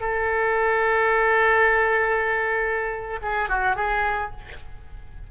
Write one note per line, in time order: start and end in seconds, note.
0.00 3.19 A4
3.21 3.49 G#4
3.49 3.75 F#4
3.75 4.31 G#4